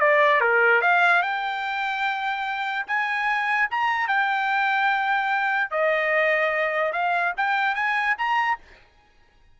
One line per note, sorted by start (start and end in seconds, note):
0.00 0.41 D5
0.41 0.81 A#4
0.81 1.22 F5
1.22 2.86 G5
2.87 3.69 G#5
3.71 4.08 A#5
4.08 5.71 G5
5.71 6.93 D#5
6.93 7.33 F5
7.37 7.75 G5
7.75 8.16 G#5
8.18 8.59 A#5